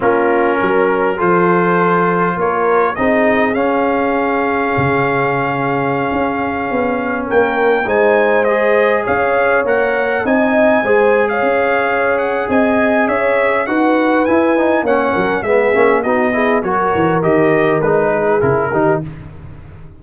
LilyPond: <<
  \new Staff \with { instrumentName = "trumpet" } { \time 4/4 \tempo 4 = 101 ais'2 c''2 | cis''4 dis''4 f''2~ | f''1~ | f''16 g''4 gis''4 dis''4 f''8.~ |
f''16 fis''4 gis''4.~ gis''16 f''4~ | f''8 fis''8 gis''4 e''4 fis''4 | gis''4 fis''4 e''4 dis''4 | cis''4 dis''4 b'4 ais'4 | }
  \new Staff \with { instrumentName = "horn" } { \time 4/4 f'4 ais'4 a'2 | ais'4 gis'2.~ | gis'1~ | gis'16 ais'4 c''2 cis''8.~ |
cis''4~ cis''16 dis''4 c''8. cis''4~ | cis''4 dis''4 cis''4 b'4~ | b'4 cis''8 ais'8 gis'4 fis'8 gis'8 | ais'2~ ais'8 gis'4 g'8 | }
  \new Staff \with { instrumentName = "trombone" } { \time 4/4 cis'2 f'2~ | f'4 dis'4 cis'2~ | cis'1~ | cis'4~ cis'16 dis'4 gis'4.~ gis'16~ |
gis'16 ais'4 dis'4 gis'4.~ gis'16~ | gis'2. fis'4 | e'8 dis'8 cis'4 b8 cis'8 dis'8 e'8 | fis'4 g'4 dis'4 e'8 dis'8 | }
  \new Staff \with { instrumentName = "tuba" } { \time 4/4 ais4 fis4 f2 | ais4 c'4 cis'2 | cis2~ cis16 cis'4 b8.~ | b16 ais4 gis2 cis'8.~ |
cis'16 ais4 c'4 gis4 cis'8.~ | cis'4 c'4 cis'4 dis'4 | e'4 ais8 fis8 gis8 ais8 b4 | fis8 e8 dis4 gis4 cis8 dis8 | }
>>